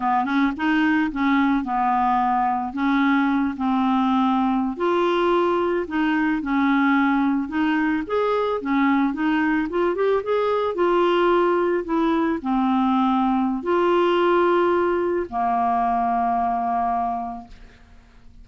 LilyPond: \new Staff \with { instrumentName = "clarinet" } { \time 4/4 \tempo 4 = 110 b8 cis'8 dis'4 cis'4 b4~ | b4 cis'4. c'4.~ | c'8. f'2 dis'4 cis'16~ | cis'4.~ cis'16 dis'4 gis'4 cis'16~ |
cis'8. dis'4 f'8 g'8 gis'4 f'16~ | f'4.~ f'16 e'4 c'4~ c'16~ | c'4 f'2. | ais1 | }